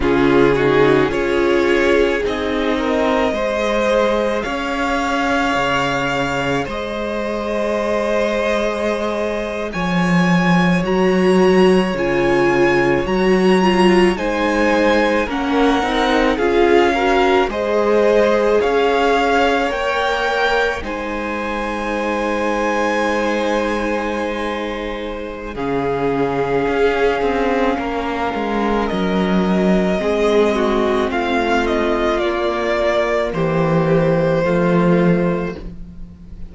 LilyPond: <<
  \new Staff \with { instrumentName = "violin" } { \time 4/4 \tempo 4 = 54 gis'4 cis''4 dis''2 | f''2 dis''2~ | dis''8. gis''4 ais''4 gis''4 ais''16~ | ais''8. gis''4 fis''4 f''4 dis''16~ |
dis''8. f''4 g''4 gis''4~ gis''16~ | gis''2. f''4~ | f''2 dis''2 | f''8 dis''8 d''4 c''2 | }
  \new Staff \with { instrumentName = "violin" } { \time 4/4 f'8 fis'8 gis'4. ais'8 c''4 | cis''2 c''2~ | c''8. cis''2.~ cis''16~ | cis''8. c''4 ais'4 gis'8 ais'8 c''16~ |
c''8. cis''2 c''4~ c''16~ | c''2. gis'4~ | gis'4 ais'2 gis'8 fis'8 | f'2 g'4 f'4 | }
  \new Staff \with { instrumentName = "viola" } { \time 4/4 cis'8 dis'8 f'4 dis'4 gis'4~ | gis'1~ | gis'4.~ gis'16 fis'4 f'4 fis'16~ | fis'16 f'8 dis'4 cis'8 dis'8 f'8 fis'8 gis'16~ |
gis'4.~ gis'16 ais'4 dis'4~ dis'16~ | dis'2. cis'4~ | cis'2. c'4~ | c'4 ais2 a4 | }
  \new Staff \with { instrumentName = "cello" } { \time 4/4 cis4 cis'4 c'4 gis4 | cis'4 cis4 gis2~ | gis8. f4 fis4 cis4 fis16~ | fis8. gis4 ais8 c'8 cis'4 gis16~ |
gis8. cis'4 ais4 gis4~ gis16~ | gis2. cis4 | cis'8 c'8 ais8 gis8 fis4 gis4 | a4 ais4 e4 f4 | }
>>